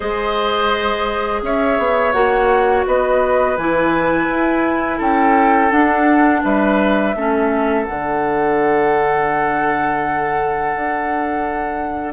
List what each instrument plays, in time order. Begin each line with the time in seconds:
0.00 bassoon G#3, clarinet G#4, oboe C5, flute D#5
1.42 bassoon C#4, oboe C#5, flute E5
1.78 bassoon B3
2.12 bassoon A#3, clarinet F#4, flute F#5
2.86 bassoon B3, oboe B4, flute D#5
3.56 bassoon E3, clarinet E4, flute G#5
4.29 bassoon E4
4.97 bassoon C#4, oboe A4, flute G5
5.71 clarinet D4, bassoon D4, flute F#5
6.44 bassoon G3, oboe B4, flute E5
7.15 bassoon A3, clarinet C#4, oboe A4
7.84 bassoon D3, clarinet D4, flute F#5
10.74 bassoon D4